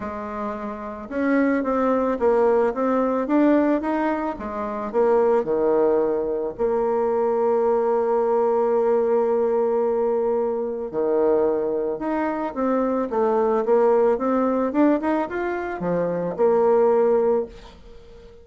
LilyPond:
\new Staff \with { instrumentName = "bassoon" } { \time 4/4 \tempo 4 = 110 gis2 cis'4 c'4 | ais4 c'4 d'4 dis'4 | gis4 ais4 dis2 | ais1~ |
ais1 | dis2 dis'4 c'4 | a4 ais4 c'4 d'8 dis'8 | f'4 f4 ais2 | }